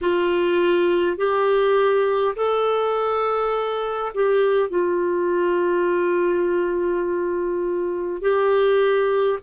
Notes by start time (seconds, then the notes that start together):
0.01 F4
1.17 G4
2.35 A4
4.14 G4
4.68 F4
8.21 G4